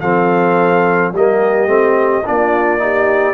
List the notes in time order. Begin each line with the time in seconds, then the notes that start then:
0.00 F3 C4 A4 F5
1.12 G3 A#3 G4 D#5
1.66 A3 C4
2.25 A#3 D4 F4 D5
2.78 D#4 G4